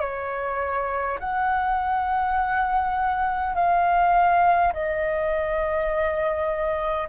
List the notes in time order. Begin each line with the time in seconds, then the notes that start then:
0.00 C#5
1.19 F#5
3.55 F5
4.73 D#5